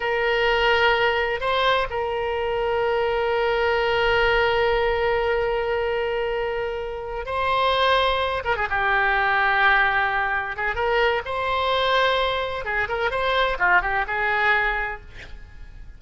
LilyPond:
\new Staff \with { instrumentName = "oboe" } { \time 4/4 \tempo 4 = 128 ais'2. c''4 | ais'1~ | ais'1~ | ais'2.~ ais'8 c''8~ |
c''2 ais'16 gis'16 g'4.~ | g'2~ g'8 gis'8 ais'4 | c''2. gis'8 ais'8 | c''4 f'8 g'8 gis'2 | }